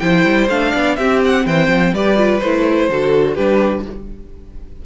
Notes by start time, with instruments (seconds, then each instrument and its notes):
0.00 cello F3, viola E4, violin C5 G5
0.25 cello G3
0.49 cello A3, viola D4, violin F5
0.72 cello B3, violin D5
0.96 cello C4, viola C4, violin G4 E5
1.25 violin F#5
1.46 cello E3, violin C5 G5
1.69 cello F3
1.93 cello G3, viola G4, violin B4 D5
2.17 viola F4
2.40 cello A3, viola E4, violin C5
2.90 cello D3, viola F#4, violin A4
3.35 cello G3, viola D4, violin G4 B4